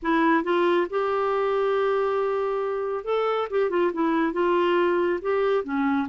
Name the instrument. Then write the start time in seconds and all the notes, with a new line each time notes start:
clarinet
0.02 E4
0.43 F4
0.90 G4
3.04 A4
3.50 G4
3.70 F4
3.93 E4
4.32 F4
5.21 G4
5.64 C#4